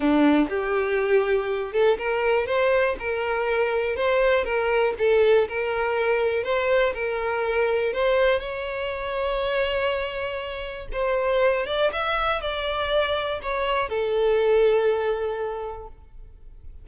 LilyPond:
\new Staff \with { instrumentName = "violin" } { \time 4/4 \tempo 4 = 121 d'4 g'2~ g'8 a'8 | ais'4 c''4 ais'2 | c''4 ais'4 a'4 ais'4~ | ais'4 c''4 ais'2 |
c''4 cis''2.~ | cis''2 c''4. d''8 | e''4 d''2 cis''4 | a'1 | }